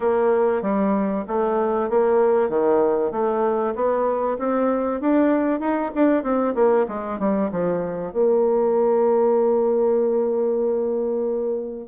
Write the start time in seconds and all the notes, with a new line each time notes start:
0.00 A#3
0.62 G3
1.27 A3
1.89 A#3
2.49 D#3
3.11 A3
3.75 B3
4.38 C4
5.00 D4
5.59 D#4
5.94 D4
6.23 C4
6.54 A#3
6.88 G#3
7.19 G3
7.51 F3
8.12 A#3